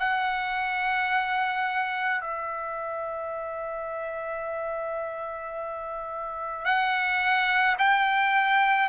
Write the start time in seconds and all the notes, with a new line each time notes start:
0.00 F#5
2.21 E5
6.65 F#5
7.79 G5